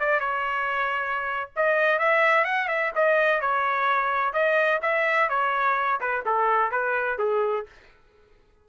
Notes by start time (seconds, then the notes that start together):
0.00 D5
0.20 C#5
1.56 D#5
1.99 E5
2.45 F#5
2.68 E5
2.96 D#5
3.41 C#5
4.34 D#5
4.83 E5
5.29 C#5
6.01 B4
6.26 A4
6.72 B4
7.19 G#4